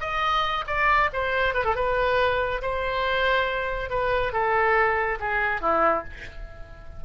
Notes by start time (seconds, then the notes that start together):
0.00 D#5
0.67 D5
1.13 C5
1.54 B4
1.64 A4
1.75 B4
2.61 C5
3.89 B4
4.32 A4
5.20 G#4
5.61 E4